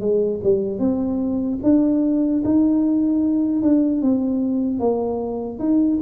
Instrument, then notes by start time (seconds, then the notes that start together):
tuba
0.00 G#3
0.43 G3
0.79 C4
1.63 D4
2.44 D#4
3.62 D4
4.01 C4
4.79 A#3
5.59 D#4